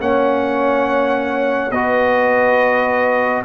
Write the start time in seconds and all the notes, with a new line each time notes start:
0.00 A#3 C#4 C#5 F#5
1.71 B3 F#4 B4 D#5